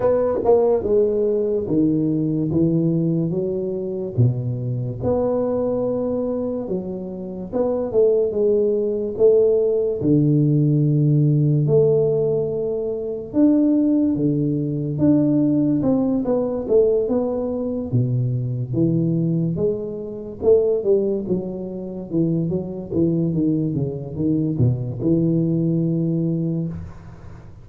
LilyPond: \new Staff \with { instrumentName = "tuba" } { \time 4/4 \tempo 4 = 72 b8 ais8 gis4 dis4 e4 | fis4 b,4 b2 | fis4 b8 a8 gis4 a4 | d2 a2 |
d'4 d4 d'4 c'8 b8 | a8 b4 b,4 e4 gis8~ | gis8 a8 g8 fis4 e8 fis8 e8 | dis8 cis8 dis8 b,8 e2 | }